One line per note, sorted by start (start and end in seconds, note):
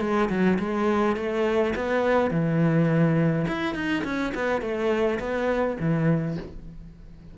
0.00 0.29 G#3
0.29 0.58 F#3
0.59 1.16 G#3
1.16 1.74 A3
1.75 2.31 B3
2.31 3.46 E3
3.47 3.74 E4
3.74 4.03 D#4
4.04 4.33 C#4
4.35 4.61 B3
4.61 5.19 A3
5.19 5.77 B3
5.80 6.37 E3